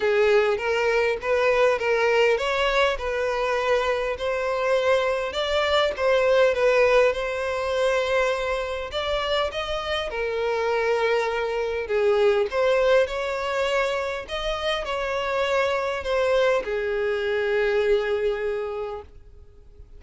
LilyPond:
\new Staff \with { instrumentName = "violin" } { \time 4/4 \tempo 4 = 101 gis'4 ais'4 b'4 ais'4 | cis''4 b'2 c''4~ | c''4 d''4 c''4 b'4 | c''2. d''4 |
dis''4 ais'2. | gis'4 c''4 cis''2 | dis''4 cis''2 c''4 | gis'1 | }